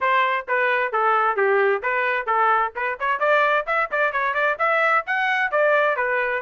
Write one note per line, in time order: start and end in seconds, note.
0.00 0.46 C5
0.47 0.92 B4
0.92 1.36 A4
1.36 1.82 G4
1.82 2.26 B4
2.26 2.72 A4
2.75 2.98 B4
2.99 3.19 C#5
3.19 3.65 D5
3.66 3.89 E5
3.91 4.12 D5
4.12 4.34 C#5
4.34 4.57 D5
4.58 5.04 E5
5.06 5.51 F#5
5.51 5.96 D5
5.96 6.42 B4